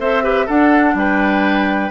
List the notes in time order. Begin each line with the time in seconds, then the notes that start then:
0.00 C4 A4 C5 E5
0.24 G4 B4
0.46 D4 A4 F#5
0.95 G3 B4 G5